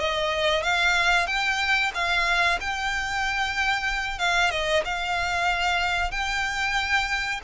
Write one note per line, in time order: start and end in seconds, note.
0.00 0.63 D#5
0.63 1.28 F5
1.28 1.92 G5
1.95 2.60 F5
2.61 4.19 G5
4.19 4.51 F5
4.51 4.84 D#5
4.85 6.12 F5
6.12 7.41 G5